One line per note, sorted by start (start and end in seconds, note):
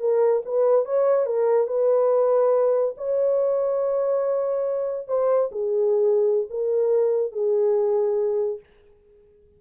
0.00 0.43 A#4
0.45 0.85 B4
0.85 1.26 C#5
1.26 1.67 A#4
1.67 2.95 B4
2.97 5.08 C#5
5.08 5.50 C5
5.52 6.48 G#4
6.50 7.32 A#4
7.32 8.60 G#4